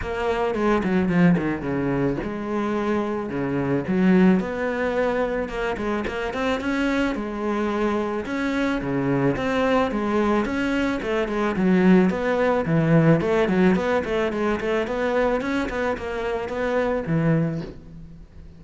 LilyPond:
\new Staff \with { instrumentName = "cello" } { \time 4/4 \tempo 4 = 109 ais4 gis8 fis8 f8 dis8 cis4 | gis2 cis4 fis4 | b2 ais8 gis8 ais8 c'8 | cis'4 gis2 cis'4 |
cis4 c'4 gis4 cis'4 | a8 gis8 fis4 b4 e4 | a8 fis8 b8 a8 gis8 a8 b4 | cis'8 b8 ais4 b4 e4 | }